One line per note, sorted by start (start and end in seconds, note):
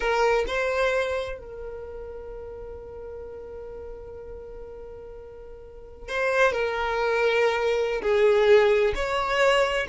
0.00 0.44 A#4
0.47 1.38 C5
1.38 6.08 A#4
6.08 6.52 C5
6.52 8.01 A#4
8.02 8.93 G#4
8.95 9.86 C#5